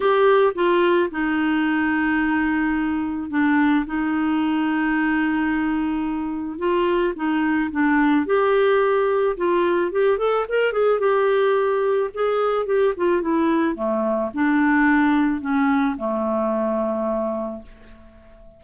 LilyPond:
\new Staff \with { instrumentName = "clarinet" } { \time 4/4 \tempo 4 = 109 g'4 f'4 dis'2~ | dis'2 d'4 dis'4~ | dis'1 | f'4 dis'4 d'4 g'4~ |
g'4 f'4 g'8 a'8 ais'8 gis'8 | g'2 gis'4 g'8 f'8 | e'4 a4 d'2 | cis'4 a2. | }